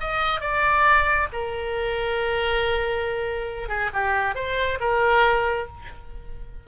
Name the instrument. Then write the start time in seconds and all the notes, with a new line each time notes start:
oboe
0.00 D#5
0.41 D5
1.32 A#4
3.68 G#4
3.93 G4
4.35 C5
4.80 A#4